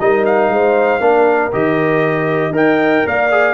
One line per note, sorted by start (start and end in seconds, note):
0.00 0.49 G3
0.00 1.01 D#4
0.00 0.53 A#4
0.00 0.25 D#5
0.26 1.53 F5
0.49 1.00 G#3
0.49 1.01 C5
1.01 1.52 A#3
1.01 1.52 D4
1.01 2.53 A#4
1.52 2.51 D#3
1.52 2.53 G4
1.52 2.55 D#5
2.51 3.02 D#4
2.51 3.30 A#4
2.51 3.05 D#5
2.57 3.08 G5
3.06 3.54 A#3
3.06 3.54 D5
3.06 3.54 F5
3.32 3.54 G#4